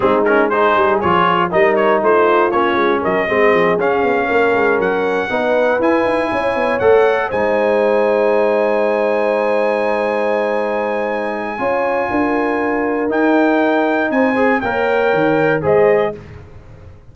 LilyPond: <<
  \new Staff \with { instrumentName = "trumpet" } { \time 4/4 \tempo 4 = 119 gis'8 ais'8 c''4 cis''4 dis''8 cis''8 | c''4 cis''4 dis''4. f''8~ | f''4. fis''2 gis''8~ | gis''4. fis''4 gis''4.~ |
gis''1~ | gis''1~ | gis''2 g''2 | gis''4 g''2 dis''4 | }
  \new Staff \with { instrumentName = "horn" } { \time 4/4 dis'4 gis'2 ais'4 | f'2 ais'8 gis'4.~ | gis'8 ais'2 b'4.~ | b'8 cis''2 c''4.~ |
c''1~ | c''2. cis''4 | ais'1 | c''4 cis''2 c''4 | }
  \new Staff \with { instrumentName = "trombone" } { \time 4/4 c'8 cis'8 dis'4 f'4 dis'4~ | dis'4 cis'4. c'4 cis'8~ | cis'2~ cis'8 dis'4 e'8~ | e'4. a'4 dis'4.~ |
dis'1~ | dis'2. f'4~ | f'2 dis'2~ | dis'8 gis'8 ais'2 gis'4 | }
  \new Staff \with { instrumentName = "tuba" } { \time 4/4 gis4. g8 f4 g4 | a4 ais8 gis8 fis8 gis8 f8 cis'8 | b8 ais8 gis8 fis4 b4 e'8 | dis'8 cis'8 b8 a4 gis4.~ |
gis1~ | gis2. cis'4 | d'2 dis'2 | c'4 ais4 dis4 gis4 | }
>>